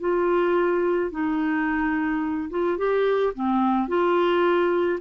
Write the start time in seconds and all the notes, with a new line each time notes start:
0.00 F4
1.11 D#4
2.50 F4
2.77 G4
3.34 C4
3.88 F4